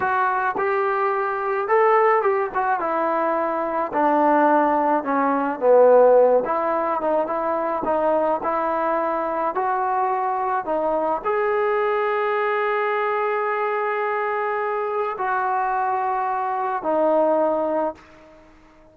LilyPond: \new Staff \with { instrumentName = "trombone" } { \time 4/4 \tempo 4 = 107 fis'4 g'2 a'4 | g'8 fis'8 e'2 d'4~ | d'4 cis'4 b4. e'8~ | e'8 dis'8 e'4 dis'4 e'4~ |
e'4 fis'2 dis'4 | gis'1~ | gis'2. fis'4~ | fis'2 dis'2 | }